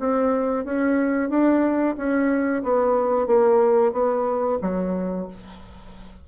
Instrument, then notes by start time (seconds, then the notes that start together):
bassoon
0.00 C4
0.65 C#4
1.30 D4
1.97 C#4
2.63 B3
3.27 A#3
3.93 B3
4.62 F#3